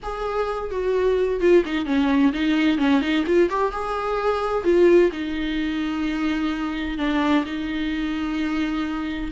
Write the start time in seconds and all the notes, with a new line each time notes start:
0.02 G#4
0.70 F#4
1.40 F4
1.65 D#4
1.85 C#4
2.33 D#4
2.78 C#4
3.01 D#4
3.26 F4
3.49 G4
3.71 G#4
4.64 F4
5.12 D#4
6.98 D4
7.45 D#4